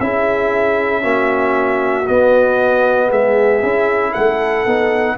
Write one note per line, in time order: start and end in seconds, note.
0.00 1.03 C#4
0.00 1.01 E4
0.00 1.02 G#4
0.00 2.07 E5
1.01 2.07 A#3
1.01 2.04 C#4
1.01 3.07 F#4
2.07 3.63 B3
2.07 3.11 B3
2.07 3.10 D#5
3.07 3.62 G#3
3.07 4.10 G#4
3.07 4.13 E5
3.62 4.14 C#4
3.62 4.66 E4
4.11 4.65 A3
4.11 5.14 A4
4.11 5.16 F#5
4.65 5.17 B3
4.65 5.17 D#4